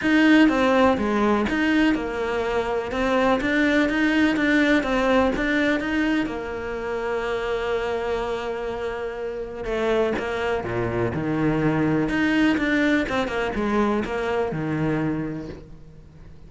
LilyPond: \new Staff \with { instrumentName = "cello" } { \time 4/4 \tempo 4 = 124 dis'4 c'4 gis4 dis'4 | ais2 c'4 d'4 | dis'4 d'4 c'4 d'4 | dis'4 ais2.~ |
ais1 | a4 ais4 ais,4 dis4~ | dis4 dis'4 d'4 c'8 ais8 | gis4 ais4 dis2 | }